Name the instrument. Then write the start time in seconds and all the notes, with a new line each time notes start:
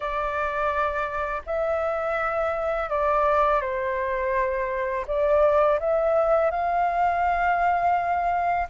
flute
0.00 D5
1.46 E5
2.89 D5
3.61 C5
5.07 D5
5.79 E5
6.50 F5